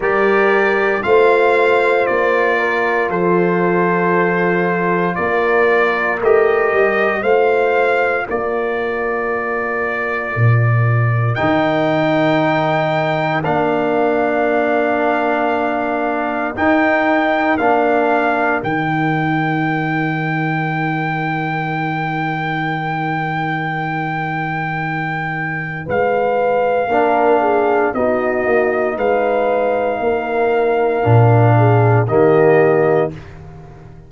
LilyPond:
<<
  \new Staff \with { instrumentName = "trumpet" } { \time 4/4 \tempo 4 = 58 d''4 f''4 d''4 c''4~ | c''4 d''4 dis''4 f''4 | d''2. g''4~ | g''4 f''2. |
g''4 f''4 g''2~ | g''1~ | g''4 f''2 dis''4 | f''2. dis''4 | }
  \new Staff \with { instrumentName = "horn" } { \time 4/4 ais'4 c''4. ais'8 a'4~ | a'4 ais'2 c''4 | ais'1~ | ais'1~ |
ais'1~ | ais'1~ | ais'4 b'4 ais'8 gis'8 fis'4 | b'4 ais'4. gis'8 g'4 | }
  \new Staff \with { instrumentName = "trombone" } { \time 4/4 g'4 f'2.~ | f'2 g'4 f'4~ | f'2. dis'4~ | dis'4 d'2. |
dis'4 d'4 dis'2~ | dis'1~ | dis'2 d'4 dis'4~ | dis'2 d'4 ais4 | }
  \new Staff \with { instrumentName = "tuba" } { \time 4/4 g4 a4 ais4 f4~ | f4 ais4 a8 g8 a4 | ais2 ais,4 dis4~ | dis4 ais2. |
dis'4 ais4 dis2~ | dis1~ | dis4 gis4 ais4 b8 ais8 | gis4 ais4 ais,4 dis4 | }
>>